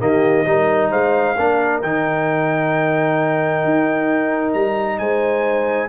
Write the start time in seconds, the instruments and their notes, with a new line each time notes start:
0.00 tuba D#3, trombone A#3, horn G4, trumpet D#5
0.46 tuba G3, trombone D#4, horn A#4
0.90 tuba G#3, horn C5, trumpet F5
1.36 tuba A#3, trombone D4, horn A#4
1.82 tuba D#3, trombone D#4, trumpet G5
3.64 tuba D#4
4.54 tuba G3, trumpet A#5
4.99 tuba G#3, horn C5, trumpet G#5